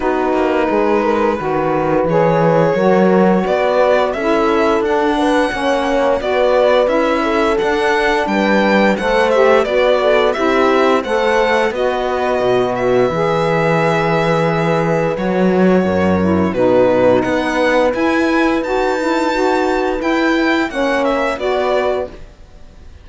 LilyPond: <<
  \new Staff \with { instrumentName = "violin" } { \time 4/4 \tempo 4 = 87 b'2. cis''4~ | cis''4 d''4 e''4 fis''4~ | fis''4 d''4 e''4 fis''4 | g''4 fis''8 e''8 d''4 e''4 |
fis''4 dis''4. e''4.~ | e''2 cis''2 | b'4 fis''4 gis''4 a''4~ | a''4 g''4 fis''8 e''8 d''4 | }
  \new Staff \with { instrumentName = "horn" } { \time 4/4 fis'4 gis'8 ais'8 b'2 | ais'4 b'4 a'4. b'8 | cis''4 b'4. a'4. | b'4 c''4 b'8 a'8 g'4 |
c''4 b'2.~ | b'2. ais'4 | fis'4 b'2.~ | b'2 cis''4 b'4 | }
  \new Staff \with { instrumentName = "saxophone" } { \time 4/4 dis'2 fis'4 gis'4 | fis'2 e'4 d'4 | cis'4 fis'4 e'4 d'4~ | d'4 a'8 g'8 fis'4 e'4 |
a'4 fis'2 gis'4~ | gis'2 fis'4. e'8 | dis'2 e'4 fis'8 e'8 | fis'4 e'4 cis'4 fis'4 | }
  \new Staff \with { instrumentName = "cello" } { \time 4/4 b8 ais8 gis4 dis4 e4 | fis4 b4 cis'4 d'4 | ais4 b4 cis'4 d'4 | g4 a4 b4 c'4 |
a4 b4 b,4 e4~ | e2 fis4 fis,4 | b,4 b4 e'4 dis'4~ | dis'4 e'4 ais4 b4 | }
>>